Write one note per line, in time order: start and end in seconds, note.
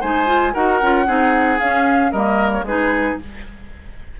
0.00 0.55 G#3
0.00 0.26 D#4
0.00 0.53 C5
0.00 0.54 G#5
0.26 0.52 F4
0.53 0.81 D#4
0.53 0.81 F#4
0.53 1.06 A#4
0.53 1.59 F#5
0.82 1.07 C#4
0.82 1.06 F4
1.06 1.60 C4
1.06 1.59 D#4
1.06 2.12 G#4
1.59 2.12 C#4
1.59 2.14 C#4
1.59 2.12 F5
2.12 2.62 G3
2.12 2.67 A#3
2.12 2.64 A#4
2.12 2.51 D#5
2.52 2.65 C#5
2.62 3.15 G#3
2.62 3.20 D#4
2.62 3.20 G#4
2.62 3.19 B4